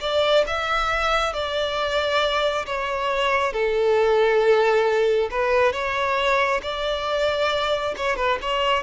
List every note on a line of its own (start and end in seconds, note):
0.00 0.44 D5
0.47 1.33 E5
1.33 2.65 D5
2.66 3.53 C#5
3.53 5.29 A4
5.30 5.72 B4
5.72 6.60 C#5
6.62 7.95 D5
7.97 8.16 C#5
8.16 8.38 B4
8.41 8.83 C#5